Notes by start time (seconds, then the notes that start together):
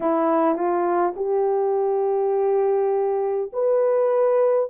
0.00 E4
0.55 F4
1.16 G4
3.52 B4